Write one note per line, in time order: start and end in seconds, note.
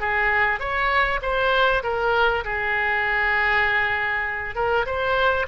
0.00 0.60 G#4
0.60 1.20 C#5
1.22 1.83 C5
1.83 2.44 A#4
2.44 4.55 G#4
4.55 4.86 A#4
4.86 5.47 C5